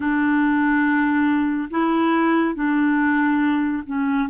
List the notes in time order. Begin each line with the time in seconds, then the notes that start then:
0.00 D4
1.70 E4
2.54 D4
3.86 C#4